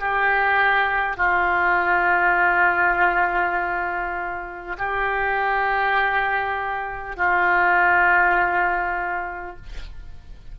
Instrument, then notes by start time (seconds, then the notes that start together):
oboe
0.00 G4
1.17 F4
4.78 G4
7.17 F4